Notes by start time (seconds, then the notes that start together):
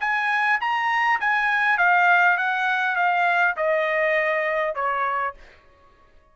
0.00 G#5
0.60 A#5
1.20 G#5
1.78 F5
2.37 F#5
2.95 F5
3.56 D#5
4.75 C#5